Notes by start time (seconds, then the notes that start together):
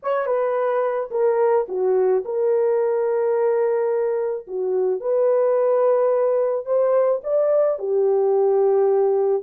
0.02 C#5
0.26 B4
1.10 A#4
1.68 F#4
2.24 A#4
4.47 F#4
5.00 B4
6.65 C5
7.23 D5
7.79 G4